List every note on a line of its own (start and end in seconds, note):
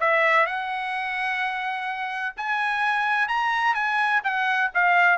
0.00 0.46 E5
0.46 2.35 F#5
2.36 3.28 G#5
3.28 3.74 A#5
3.74 4.22 G#5
4.23 4.71 F#5
4.74 5.18 F5